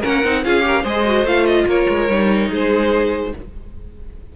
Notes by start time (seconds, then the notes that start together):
0.00 A#3 C#4 A#4 F#5
0.24 C4 D#4
0.44 C#4 F4 G#4 F5
0.61 G4 A#4
0.83 G#3 G#4 C5 D#5
1.06 F#4
1.24 A3 F4 F5
1.46 D#5
1.66 A#3 A#4 C#5
1.89 G#3
2.09 G3 D#4
2.49 G#3 G#4 C5